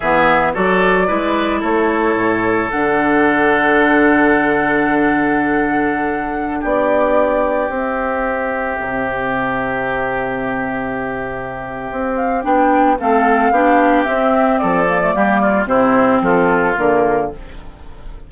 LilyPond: <<
  \new Staff \with { instrumentName = "flute" } { \time 4/4 \tempo 4 = 111 e''4 d''2 cis''4~ | cis''4 fis''2.~ | fis''1~ | fis''16 d''2 e''4.~ e''16~ |
e''1~ | e''2~ e''8 f''8 g''4 | f''2 e''4 d''4~ | d''4 c''4 a'4 ais'4 | }
  \new Staff \with { instrumentName = "oboe" } { \time 4/4 gis'4 a'4 b'4 a'4~ | a'1~ | a'1~ | a'16 g'2.~ g'8.~ |
g'1~ | g'1 | a'4 g'2 a'4 | g'8 f'8 e'4 f'2 | }
  \new Staff \with { instrumentName = "clarinet" } { \time 4/4 b4 fis'4 e'2~ | e'4 d'2.~ | d'1~ | d'2~ d'16 c'4.~ c'16~ |
c'1~ | c'2. d'4 | c'4 d'4 c'4. ais16 a16 | ais4 c'2 ais4 | }
  \new Staff \with { instrumentName = "bassoon" } { \time 4/4 e4 fis4 gis4 a4 | a,4 d2.~ | d1~ | d16 b2 c'4.~ c'16~ |
c'16 c2.~ c8.~ | c2 c'4 b4 | a4 b4 c'4 f4 | g4 c4 f4 d4 | }
>>